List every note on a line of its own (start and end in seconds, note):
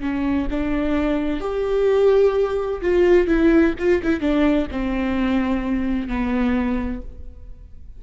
0.00 0.47 C#4
0.50 1.40 D4
1.40 2.81 G4
2.81 3.27 F4
3.27 3.74 E4
3.78 4.02 F4
4.03 4.20 E4
4.20 4.67 D4
4.71 6.08 C4
6.08 7.02 B3